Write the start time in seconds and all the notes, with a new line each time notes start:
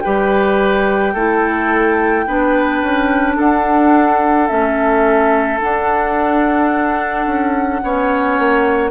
0.00 G3 G4 B4 G5
1.14 A3 E4 A4
2.27 B3 D4 B4
2.82 C#4
3.36 D4 A4 F#5
4.48 A3 C#4 E5
5.60 D4 F#5
7.26 C#4
7.83 B3 C#4 C#5
8.39 A#3